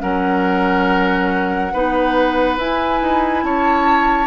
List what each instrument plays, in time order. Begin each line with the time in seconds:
0.00 bassoon F#3, clarinet C#4, oboe A#4, flute F#5
1.73 bassoon B3, clarinet D#4, oboe B4
2.57 bassoon E4, clarinet E4, flute G#5
3.02 bassoon D#4
3.43 bassoon C#4, oboe C#5, flute A5